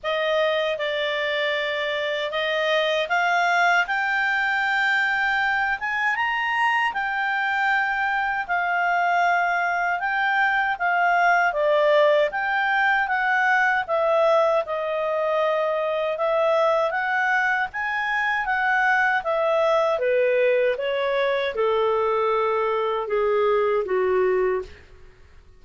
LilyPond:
\new Staff \with { instrumentName = "clarinet" } { \time 4/4 \tempo 4 = 78 dis''4 d''2 dis''4 | f''4 g''2~ g''8 gis''8 | ais''4 g''2 f''4~ | f''4 g''4 f''4 d''4 |
g''4 fis''4 e''4 dis''4~ | dis''4 e''4 fis''4 gis''4 | fis''4 e''4 b'4 cis''4 | a'2 gis'4 fis'4 | }